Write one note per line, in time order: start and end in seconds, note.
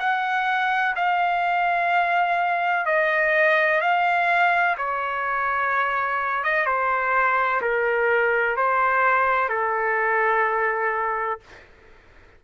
0.00 0.95 F#5
0.96 2.86 F5
2.86 3.81 D#5
3.81 4.77 F5
4.78 6.44 C#5
6.44 6.66 D#5
6.66 7.61 C5
7.61 8.57 A#4
8.57 9.49 C5
9.49 11.40 A4